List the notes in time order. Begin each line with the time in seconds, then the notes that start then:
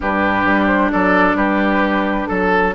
0.00 G2 D4 G4 B4
0.45 G3
0.66 C5
0.91 F#3 A4 D5
1.34 G3 G4 B4
2.26 F#3 A4